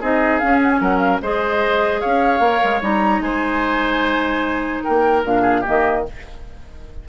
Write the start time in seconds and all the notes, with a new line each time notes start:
0.00 C4 D#4 G#4 D#5
0.39 C#4 F5
0.62 F#5
0.70 G#5
0.80 F#3 A#4 F#5
0.98 F5
1.21 G#3 G#4 C5 D#5
2.01 C#4 C#5 F5
2.40 A#3 A#4
2.64 G#3
2.81 G3 D#4 A#5
3.20 G#3 C5 G#5
4.83 A#3 A#4 G5
5.23 A#2 D4 F5
5.41 G#4
5.61 A#3 G4
5.68 D#3 D#5